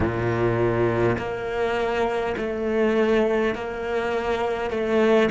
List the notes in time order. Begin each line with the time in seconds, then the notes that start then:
0.00 A#2
1.18 A#3
2.37 A3
3.55 A#3
4.70 A3